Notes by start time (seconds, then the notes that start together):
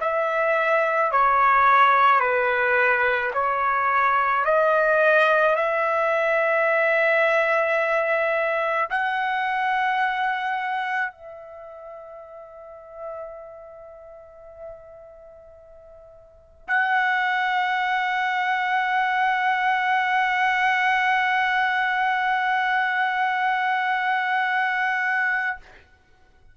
0.00 E5
1.11 C#5
2.20 B4
3.33 C#5
4.44 D#5
5.55 E5
8.89 F#5
11.12 E5
16.67 F#5